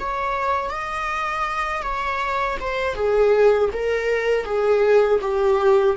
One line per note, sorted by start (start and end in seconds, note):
0.00 0.71 C#5
0.71 1.83 D#5
1.83 2.58 C#5
2.60 2.95 C5
2.95 3.70 G#4
3.73 4.45 A#4
4.45 5.20 G#4
5.22 5.97 G4